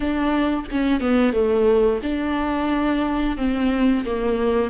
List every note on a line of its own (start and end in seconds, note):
0.00 0.65 D4
0.71 1.00 C#4
1.00 1.32 B3
1.32 2.00 A3
2.02 3.37 D4
3.37 4.04 C4
4.04 4.70 A#3